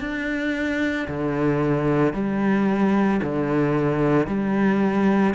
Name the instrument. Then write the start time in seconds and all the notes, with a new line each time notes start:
cello
0.00 D4
1.08 D3
2.13 G3
3.22 D3
4.27 G3